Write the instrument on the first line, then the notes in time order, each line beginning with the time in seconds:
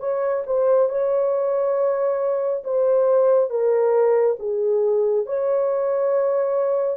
horn
0.00 C#5
0.47 C5
0.90 C#5
2.64 C5
3.51 A#4
4.40 G#4
5.26 C#5